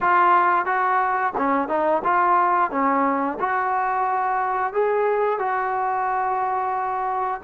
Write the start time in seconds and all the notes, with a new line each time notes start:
0.00 F4
0.65 F#4
1.37 C#4
1.68 D#4
2.04 F4
2.70 C#4
3.39 F#4
4.73 G#4
5.38 F#4